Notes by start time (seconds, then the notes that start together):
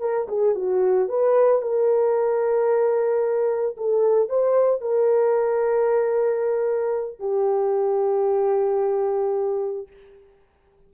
0.00 A#4
0.28 G#4
0.55 F#4
1.08 B4
1.62 A#4
3.77 A4
4.29 C5
4.80 A#4
7.19 G4